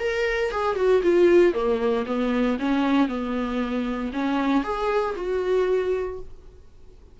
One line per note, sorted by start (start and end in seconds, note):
0.00 0.51 A#4
0.51 0.76 G#4
0.76 1.02 F#4
1.03 1.54 F4
1.54 2.05 A#3
2.06 2.58 B3
2.60 3.08 C#4
3.08 4.12 B3
4.13 4.64 C#4
4.64 5.16 G#4
5.16 6.20 F#4